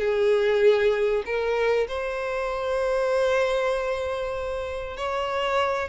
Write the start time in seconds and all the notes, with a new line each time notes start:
0.00 G#4
1.26 A#4
1.88 C5
4.97 C#5